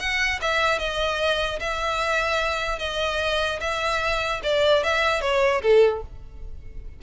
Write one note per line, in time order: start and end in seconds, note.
0.00 0.40 F#5
0.42 0.79 E5
0.79 1.60 D#5
1.60 2.79 E5
2.79 3.60 D#5
3.61 4.41 E5
4.44 4.84 D5
4.84 5.22 E5
5.22 5.62 C#5
5.62 6.03 A4